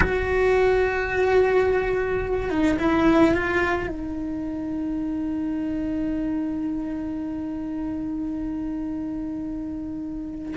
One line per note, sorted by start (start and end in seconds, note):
0.00 2.49 F#4
2.49 2.77 D#4
2.78 3.34 E4
3.34 3.88 F4
3.88 10.55 D#4